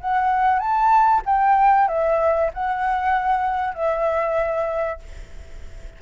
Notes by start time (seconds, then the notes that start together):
0.00 F#5
0.59 A5
1.25 G5
1.88 E5
2.53 F#5
3.74 E5